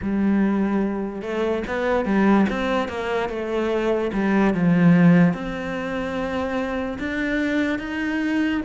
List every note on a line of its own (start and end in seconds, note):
0.01 1.21 G3
1.21 1.63 A3
1.67 2.05 B3
2.05 2.46 G3
2.49 2.88 C4
2.88 3.29 A#3
3.29 4.11 A3
4.12 4.54 G3
4.54 5.33 F3
5.33 6.98 C4
6.99 7.79 D4
7.79 8.61 D#4